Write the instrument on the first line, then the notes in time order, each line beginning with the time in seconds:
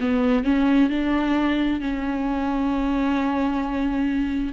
viola
0.00 B3
0.44 C#4
0.89 D4
1.80 C#4